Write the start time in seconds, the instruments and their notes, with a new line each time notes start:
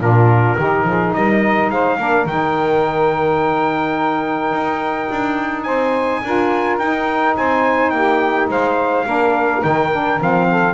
0.00 double bass A#2, saxophone D4 F4, trumpet A#4
0.57 double bass D#3, saxophone D#4 G4
0.84 double bass F3, saxophone G#4
1.13 double bass G3, saxophone A#4, trumpet D#5
1.69 double bass G#3, saxophone C5, trumpet F5
1.98 double bass A#3, saxophone D4 A#4
2.26 double bass D#3, saxophone D#4, trumpet G5
4.52 double bass D#4
5.11 double bass D4
5.63 double bass C4, saxophone C5, trumpet G#5
6.23 double bass D4, saxophone F4 A#4
6.78 double bass D#4, saxophone D#4, trumpet G5
7.36 double bass C4, saxophone C5, trumpet G#5
7.90 double bass A#3, saxophone G4, trumpet G5
8.49 double bass G#3, saxophone C5, trumpet F5
9.06 double bass A#3, saxophone D4 A#4
9.62 double bass D#3, saxophone D#4, trumpet G5
9.92 saxophone D4
10.19 double bass F3, saxophone C4, trumpet F5
10.51 saxophone A4